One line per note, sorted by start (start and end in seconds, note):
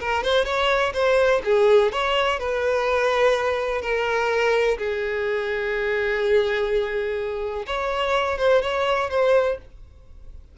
0.00 0.24 A#4
0.24 0.45 C5
0.45 0.93 C#5
0.94 1.42 C5
1.45 1.92 G#4
1.92 2.40 C#5
2.40 3.82 B4
3.82 4.78 A#4
4.78 7.66 G#4
7.66 8.38 C#5
8.38 8.62 C5
8.62 9.10 C#5
9.10 9.58 C5